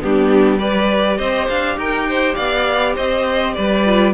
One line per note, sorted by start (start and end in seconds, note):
0.00 1.19 G3
0.00 0.59 B3
0.00 0.59 D4
0.00 0.59 G4
0.59 3.84 G4
0.59 1.17 B4
0.59 1.18 D5
1.17 1.48 C4
1.17 1.76 C5
1.17 1.47 D#5
1.49 1.76 D4
1.49 1.78 F5
1.76 2.35 D#4
1.76 2.08 A#4
1.76 2.35 G5
2.08 2.36 C5
2.35 2.96 B3
2.35 2.94 D5
2.35 2.94 F5
2.94 3.57 C4
2.94 3.53 C5
2.94 3.54 D#5
3.54 4.14 G3
3.54 4.14 B4
3.54 4.13 D5
3.86 4.14 F4